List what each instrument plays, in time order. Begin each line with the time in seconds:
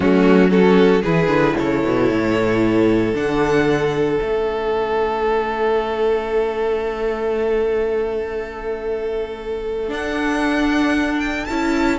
0.00 cello F#3, viola A3, violin C#4 F#4
0.49 viola C#4, violin F#4 A4
1.02 cello E3, viola E4, violin G#4 B4
1.27 cello D3
1.57 cello C#3, violin A4 C#5
1.83 cello B2
2.09 cello A2
3.13 cello D3, viola D4, violin F#5
4.17 cello A3, viola C#4, violin E5
9.88 viola D4, cello D4, violin F#5
11.19 violin G5
11.45 cello C#4, viola E4, violin A5